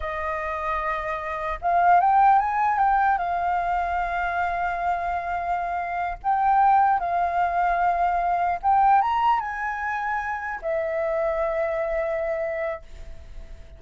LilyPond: \new Staff \with { instrumentName = "flute" } { \time 4/4 \tempo 4 = 150 dis''1 | f''4 g''4 gis''4 g''4 | f''1~ | f''2.~ f''8 g''8~ |
g''4. f''2~ f''8~ | f''4. g''4 ais''4 gis''8~ | gis''2~ gis''8 e''4.~ | e''1 | }